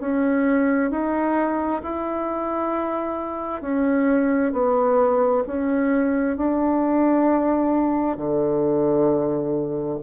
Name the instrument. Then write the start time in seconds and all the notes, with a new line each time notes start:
bassoon
0.00 C#4
0.90 D#4
1.83 E4
3.61 C#4
4.52 B3
5.47 C#4
6.37 D4
8.17 D3